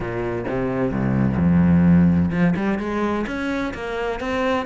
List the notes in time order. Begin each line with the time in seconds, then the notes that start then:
0.00 A#2
0.48 C3
0.91 C2
1.37 F2
2.30 F3
2.55 G3
2.79 G#3
3.26 C#4
3.74 A#3
4.20 C4